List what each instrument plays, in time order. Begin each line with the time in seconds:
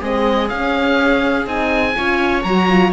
0.00 cello G#3, horn C4, viola G#4, oboe D#5
0.48 horn C#4, cello C#4, oboe F5
1.45 cello C4, horn D#4, oboe G#5
1.95 cello C#4, horn F4, viola C#5
2.42 cello F#3, horn F#4, oboe A#5
2.68 horn F4